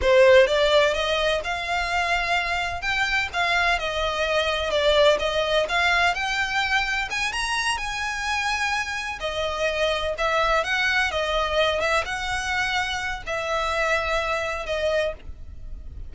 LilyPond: \new Staff \with { instrumentName = "violin" } { \time 4/4 \tempo 4 = 127 c''4 d''4 dis''4 f''4~ | f''2 g''4 f''4 | dis''2 d''4 dis''4 | f''4 g''2 gis''8 ais''8~ |
ais''8 gis''2. dis''8~ | dis''4. e''4 fis''4 dis''8~ | dis''4 e''8 fis''2~ fis''8 | e''2. dis''4 | }